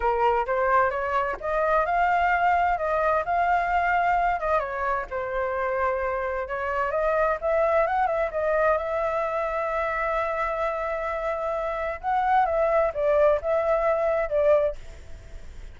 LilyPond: \new Staff \with { instrumentName = "flute" } { \time 4/4 \tempo 4 = 130 ais'4 c''4 cis''4 dis''4 | f''2 dis''4 f''4~ | f''4. dis''8 cis''4 c''4~ | c''2 cis''4 dis''4 |
e''4 fis''8 e''8 dis''4 e''4~ | e''1~ | e''2 fis''4 e''4 | d''4 e''2 d''4 | }